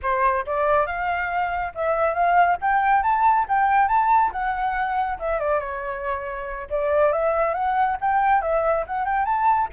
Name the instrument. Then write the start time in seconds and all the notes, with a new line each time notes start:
flute
0.02 C5
0.45 D5
0.86 F5
1.74 E5
2.13 F5
2.61 G5
3.02 A5
3.48 G5
3.88 A5
4.32 F#5
5.19 E5
5.39 D5
5.59 C#5
6.69 D5
7.12 E5
7.54 F#5
8.01 G5
8.41 E5
8.87 F#5
9.05 G5
9.25 A5